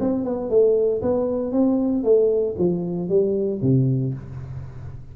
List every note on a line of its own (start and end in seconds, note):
0.00 0.25 C4
0.25 0.50 B3
0.50 1.02 A3
1.02 1.52 B3
1.52 2.04 C4
2.04 2.56 A3
2.58 3.09 F3
3.09 3.61 G3
3.62 4.14 C3